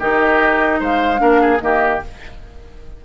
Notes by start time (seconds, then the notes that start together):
0.00 D#3 D#4 G4 D#5
0.80 G#3 C5 F5
1.17 A#3 D4 A#4
1.41 G#4
1.61 D#3 A#3 G4 D#5